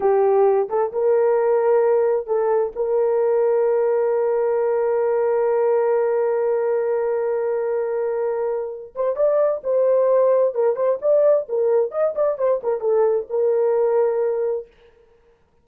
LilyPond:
\new Staff \with { instrumentName = "horn" } { \time 4/4 \tempo 4 = 131 g'4. a'8 ais'2~ | ais'4 a'4 ais'2~ | ais'1~ | ais'1~ |
ais'2.~ ais'8 c''8 | d''4 c''2 ais'8 c''8 | d''4 ais'4 dis''8 d''8 c''8 ais'8 | a'4 ais'2. | }